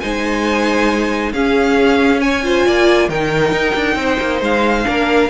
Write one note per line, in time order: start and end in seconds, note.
0.00 1.32 G#3
0.00 1.34 D#4
0.00 1.32 C5
0.00 1.32 G#5
1.32 2.65 C#4
1.32 2.43 C#4
1.32 2.20 G#4
1.32 2.20 F5
2.20 2.42 C#5
2.20 3.09 G#5
2.43 3.09 F4
2.43 2.66 C5
2.66 3.09 A#3
2.66 3.09 D5
3.09 3.51 D#3
3.09 4.85 D#4
3.09 3.97 A#4
3.09 4.41 G5
3.51 3.74 D#4
3.75 3.95 D4
3.95 4.17 C4
3.95 4.87 C5
4.20 4.41 A#3
4.41 4.85 G#3
4.41 5.29 F5
4.85 5.29 A#3
4.85 5.29 D4
4.85 5.29 A#4